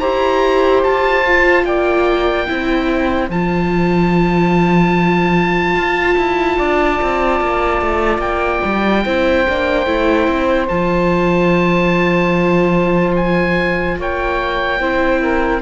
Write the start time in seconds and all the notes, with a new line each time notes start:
0.00 E4 G4 C5 A#5
0.84 F4 A5
1.25 F4
1.65 A#3 D5 G5
2.47 C4 E4 C5
3.30 F3 F4 A5
5.76 F4
6.18 E4
6.58 D4 D5
7.02 C4
7.41 A#3
7.82 A3
8.19 A#3 G5
8.65 G3
9.05 C4 E4 C5
9.49 A#3 D4
9.87 A3 E4
10.28 C4
10.69 F3 F4 A5
13.16 G#5
13.98 A#3 C#5 G5
14.80 C4 E4 C5
15.21 A#4